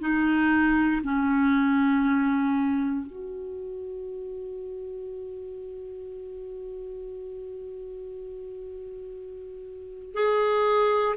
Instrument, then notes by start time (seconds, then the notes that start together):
clarinet
0.00 D#4
1.04 C#4
3.06 F#4
10.14 G#4